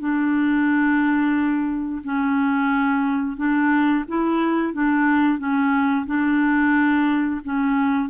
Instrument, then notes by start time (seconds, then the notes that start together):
clarinet
0.00 D4
2.04 C#4
3.37 D4
4.08 E4
4.73 D4
5.39 C#4
6.06 D4
7.44 C#4